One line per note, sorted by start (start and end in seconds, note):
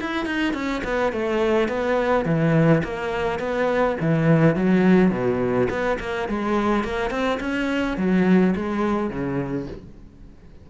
0.00 0.25 E4
0.25 0.53 D#4
0.53 0.82 C#4
0.83 1.12 B3
1.12 1.68 A3
1.68 2.25 B3
2.25 2.82 E3
2.83 3.39 A#3
3.39 3.96 B3
4.00 4.55 E3
4.55 5.10 F#3
5.10 5.68 B2
5.69 5.98 B3
5.99 6.28 A#3
6.28 6.84 G#3
6.84 7.10 A#3
7.10 7.38 C4
7.40 7.97 C#4
7.97 8.54 F#3
8.55 9.10 G#3
9.10 9.67 C#3